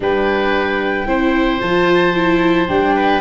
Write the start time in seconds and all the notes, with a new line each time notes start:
0.00 G3 D4 B4 G5
1.06 C4 E4 C5
1.59 F3 F4 A5
2.14 E4
2.68 G3 D4 G5
2.95 B4